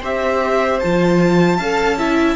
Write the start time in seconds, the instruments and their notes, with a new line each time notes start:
0.00 cello C4, viola G4, violin C5 E5
0.80 cello F3, viola F4, violin A5
1.57 cello C#4, viola A4, violin F5
1.99 viola E4, violin E5